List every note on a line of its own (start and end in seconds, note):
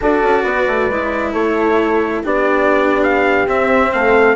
0.00 0.23 D4
0.00 0.91 F#4
0.00 0.43 A4
0.00 1.33 D5
0.23 0.44 C#4
0.43 0.66 B3
0.43 1.32 B4
0.67 0.89 A3
0.89 1.34 G#3
0.89 2.23 E4
1.32 2.23 A3
1.32 2.21 A4
1.32 2.22 C#5
2.23 3.47 B3
2.23 3.46 D4
2.23 3.91 G4
2.23 3.03 D5
3.03 3.48 F5
3.47 3.91 C4
3.47 4.36 C4
3.47 3.92 E5
3.92 4.36 A3
3.92 4.36 A4
3.92 4.36 F5